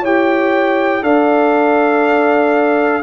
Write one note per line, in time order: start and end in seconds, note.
0.00 1.02 E4
0.00 1.02 G4
0.00 1.00 C#5
0.00 1.03 G5
1.02 3.02 D4
1.02 3.02 A4
1.02 3.02 D5
1.02 3.02 F5